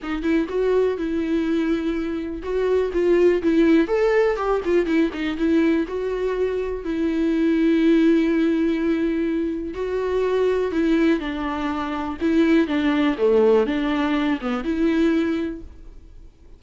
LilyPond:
\new Staff \with { instrumentName = "viola" } { \time 4/4 \tempo 4 = 123 dis'8 e'8 fis'4 e'2~ | e'4 fis'4 f'4 e'4 | a'4 g'8 f'8 e'8 dis'8 e'4 | fis'2 e'2~ |
e'1 | fis'2 e'4 d'4~ | d'4 e'4 d'4 a4 | d'4. b8 e'2 | }